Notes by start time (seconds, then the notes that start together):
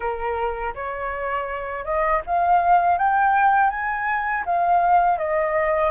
0.00 A#4
0.74 C#5
1.84 D#5
2.26 F5
2.98 G5
3.69 G#5
4.45 F5
5.18 D#5